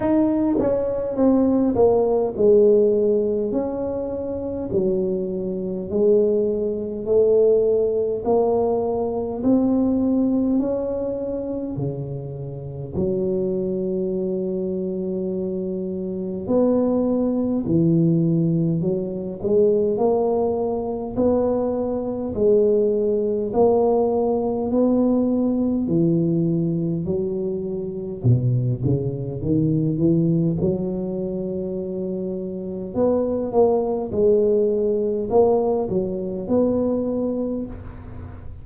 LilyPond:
\new Staff \with { instrumentName = "tuba" } { \time 4/4 \tempo 4 = 51 dis'8 cis'8 c'8 ais8 gis4 cis'4 | fis4 gis4 a4 ais4 | c'4 cis'4 cis4 fis4~ | fis2 b4 e4 |
fis8 gis8 ais4 b4 gis4 | ais4 b4 e4 fis4 | b,8 cis8 dis8 e8 fis2 | b8 ais8 gis4 ais8 fis8 b4 | }